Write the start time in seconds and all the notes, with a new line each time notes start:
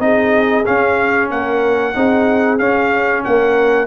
0.00 C4 D#4 G#4 D#5
0.66 C#4 F5
1.31 A#3 A#4 F#5
1.94 C4 D#4 G#4
2.59 C#4 F5
3.24 A#3 A#4 F#5